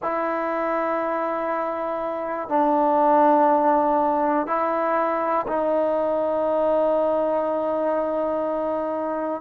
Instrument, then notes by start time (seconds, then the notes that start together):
trombone
0.02 E4
2.48 D4
4.46 E4
5.47 D#4